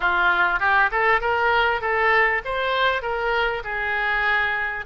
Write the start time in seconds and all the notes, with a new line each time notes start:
0.00 F4
0.59 G4
0.91 A4
1.20 A#4
1.81 A4
2.44 C5
3.02 A#4
3.64 G#4